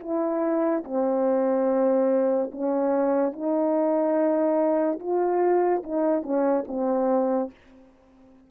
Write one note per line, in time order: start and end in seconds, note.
0.00 0.83 E4
0.84 2.51 C4
2.52 3.33 C#4
3.33 4.99 D#4
4.99 5.83 F4
5.83 6.23 D#4
6.23 6.64 C#4
6.67 7.50 C4